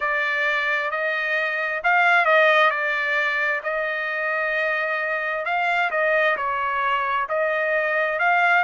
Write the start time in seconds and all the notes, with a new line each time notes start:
0.00 D5
0.90 D#5
1.83 F5
2.25 D#5
2.70 D5
3.63 D#5
5.45 F5
5.90 D#5
6.36 C#5
7.29 D#5
8.19 F5